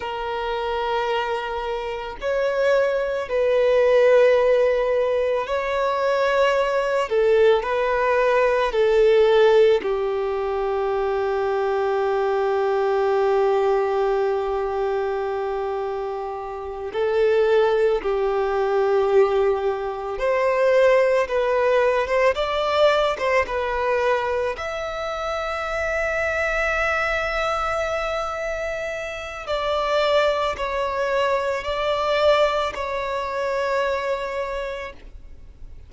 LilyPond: \new Staff \with { instrumentName = "violin" } { \time 4/4 \tempo 4 = 55 ais'2 cis''4 b'4~ | b'4 cis''4. a'8 b'4 | a'4 g'2.~ | g'2.~ g'8 a'8~ |
a'8 g'2 c''4 b'8~ | b'16 c''16 d''8. c''16 b'4 e''4.~ | e''2. d''4 | cis''4 d''4 cis''2 | }